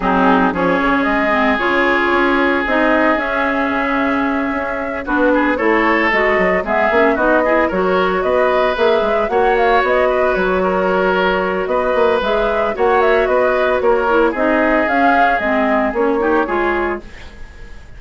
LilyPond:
<<
  \new Staff \with { instrumentName = "flute" } { \time 4/4 \tempo 4 = 113 gis'4 cis''4 dis''4 cis''4~ | cis''4 dis''4 e''2~ | e''4. b'4 cis''4 dis''8~ | dis''8 e''4 dis''4 cis''4 dis''8~ |
dis''8 e''4 fis''8 f''8 dis''4 cis''8~ | cis''2 dis''4 e''4 | fis''8 e''8 dis''4 cis''4 dis''4 | f''4 dis''4 cis''2 | }
  \new Staff \with { instrumentName = "oboe" } { \time 4/4 dis'4 gis'2.~ | gis'1~ | gis'4. fis'8 gis'8 a'4.~ | a'8 gis'4 fis'8 gis'8 ais'4 b'8~ |
b'4. cis''4. b'4 | ais'2 b'2 | cis''4 b'4 ais'4 gis'4~ | gis'2~ gis'8 g'8 gis'4 | }
  \new Staff \with { instrumentName = "clarinet" } { \time 4/4 c'4 cis'4. c'8 f'4~ | f'4 dis'4 cis'2~ | cis'4. d'4 e'4 fis'8~ | fis'8 b8 cis'8 dis'8 e'8 fis'4.~ |
fis'8 gis'4 fis'2~ fis'8~ | fis'2. gis'4 | fis'2~ fis'8 e'8 dis'4 | cis'4 c'4 cis'8 dis'8 f'4 | }
  \new Staff \with { instrumentName = "bassoon" } { \time 4/4 fis4 f8 cis8 gis4 cis4 | cis'4 c'4 cis'4 cis4~ | cis8 cis'4 b4 a4 gis8 | fis8 gis8 ais8 b4 fis4 b8~ |
b8 ais8 gis8 ais4 b4 fis8~ | fis2 b8 ais8 gis4 | ais4 b4 ais4 c'4 | cis'4 gis4 ais4 gis4 | }
>>